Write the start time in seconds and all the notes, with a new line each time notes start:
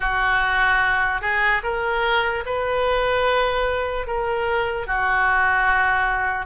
0.00 F#4
1.21 G#4
1.63 A#4
2.45 B4
4.06 A#4
4.86 F#4